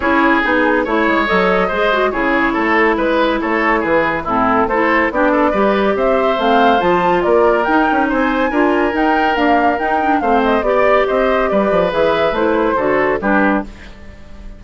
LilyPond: <<
  \new Staff \with { instrumentName = "flute" } { \time 4/4 \tempo 4 = 141 cis''4 gis'4 cis''4 dis''4~ | dis''4 cis''2 b'4 | cis''4 b'4 a'4 c''4 | d''2 e''4 f''4 |
a''4 d''4 g''4 gis''4~ | gis''4 g''4 f''4 g''4 | f''8 dis''8 d''4 dis''4 d''4 | e''4 c''2 b'4 | }
  \new Staff \with { instrumentName = "oboe" } { \time 4/4 gis'2 cis''2 | c''4 gis'4 a'4 b'4 | a'4 gis'4 e'4 a'4 | g'8 a'8 b'4 c''2~ |
c''4 ais'2 c''4 | ais'1 | c''4 d''4 c''4 b'4~ | b'2 a'4 g'4 | }
  \new Staff \with { instrumentName = "clarinet" } { \time 4/4 e'4 dis'4 e'4 a'4 | gis'8 fis'8 e'2.~ | e'2 c'4 e'4 | d'4 g'2 c'4 |
f'2 dis'2 | f'4 dis'4 ais4 dis'8 d'8 | c'4 g'2. | gis'4 e'4 fis'4 d'4 | }
  \new Staff \with { instrumentName = "bassoon" } { \time 4/4 cis'4 b4 a8 gis8 fis4 | gis4 cis4 a4 gis4 | a4 e4 a,4 a4 | b4 g4 c'4 a4 |
f4 ais4 dis'8 cis'8 c'4 | d'4 dis'4 d'4 dis'4 | a4 b4 c'4 g8 f8 | e4 a4 d4 g4 | }
>>